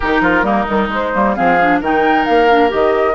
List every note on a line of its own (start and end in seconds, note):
0.00 0.21 D#3
0.00 0.43 D#4
0.00 0.21 G4
0.00 0.90 A#4
0.21 0.42 F3
0.21 0.44 F4
0.42 0.65 G3
0.42 0.66 A#3
0.42 1.35 D#4
0.67 0.88 D#3
0.67 0.89 G3
0.88 1.11 G#3
0.88 1.13 G#3
0.88 1.35 C5
1.14 1.37 G3
1.14 1.36 A#3
1.35 1.80 F3
1.35 1.58 C4
1.35 1.80 G#4
1.35 1.80 F5
1.61 1.82 D4
1.80 2.26 D#3
1.80 2.48 D#4
1.80 3.14 A#4
1.80 2.25 G5
2.25 2.73 A#3
2.25 2.70 F5
2.48 2.69 D4
2.69 3.14 D#3
2.69 3.14 G4
2.69 3.14 D#5